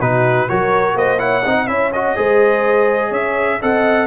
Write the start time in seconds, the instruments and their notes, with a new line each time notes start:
0.00 tuba B2, trombone D#4, horn F#4, trumpet B4
0.48 tuba F#3, trombone F#4, horn A#4, trumpet C#5
0.94 tuba A#3, horn C5, trumpet D#5
1.18 trombone E4, horn C#5, trumpet F#5
1.43 tuba C4, trombone D#4, horn D#5
1.67 tuba C#4, trombone E4, horn C#5, trumpet E5
1.93 trombone F#4, trumpet D#5
2.16 tuba G#3, trombone G#4, horn C5
3.09 tuba C#4, horn C#5, trumpet E5
3.60 tuba C4, trombone A4, horn D#5, trumpet F#5